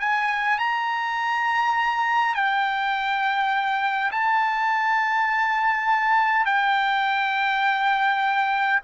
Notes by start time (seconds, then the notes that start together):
0.00 G#5
0.58 A#5
2.34 G5
4.11 A5
6.45 G5